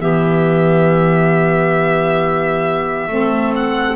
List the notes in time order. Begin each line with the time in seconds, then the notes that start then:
0.00 E3 B3 G4 E5
3.08 A3 C4 A4
3.56 F#5